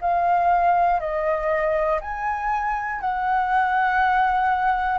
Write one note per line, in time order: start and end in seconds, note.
0.00 1.00 F5
1.00 2.00 D#5
2.00 3.00 G#5
3.00 4.98 F#5